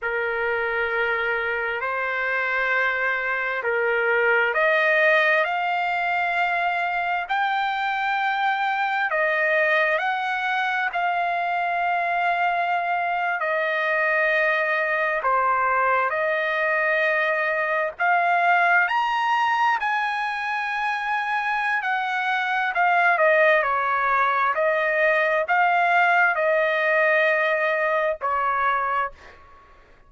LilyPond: \new Staff \with { instrumentName = "trumpet" } { \time 4/4 \tempo 4 = 66 ais'2 c''2 | ais'4 dis''4 f''2 | g''2 dis''4 fis''4 | f''2~ f''8. dis''4~ dis''16~ |
dis''8. c''4 dis''2 f''16~ | f''8. ais''4 gis''2~ gis''16 | fis''4 f''8 dis''8 cis''4 dis''4 | f''4 dis''2 cis''4 | }